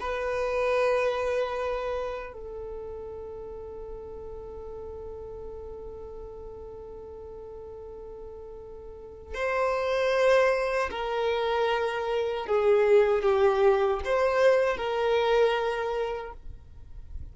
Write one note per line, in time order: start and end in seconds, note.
0.00 2.33 B4
2.33 9.34 A4
9.34 10.90 C5
10.91 12.47 A#4
12.47 13.23 G#4
13.23 14.01 G4
14.05 14.77 C5
14.77 16.33 A#4